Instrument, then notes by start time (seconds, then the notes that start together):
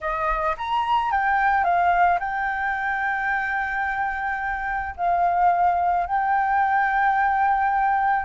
flute
0.01 D#5
0.57 A#5
1.11 G5
1.63 F5
2.19 G5
4.96 F5
6.06 G5